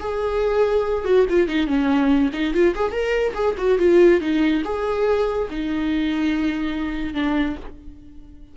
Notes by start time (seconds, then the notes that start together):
0.00 G#4
1.05 F#4
1.30 F4
1.48 D#4
1.67 C#4
2.33 D#4
2.54 F4
2.75 G#4
2.92 A#4
3.35 G#4
3.58 F#4
3.79 F4
4.21 D#4
4.65 G#4
5.51 D#4
7.14 D4